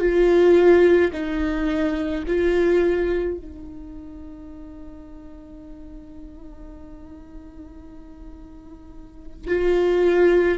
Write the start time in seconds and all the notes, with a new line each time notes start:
0.00 F4
1.13 D#4
2.27 F4
3.38 D#4
9.48 F4